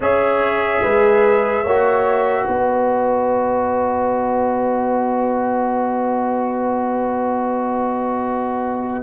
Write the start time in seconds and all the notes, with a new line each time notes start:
0.00 C#4 G#4 C#5 E5
0.82 G#3 B4
1.63 A#3 F#4 C#5
2.43 B3 B4 D#5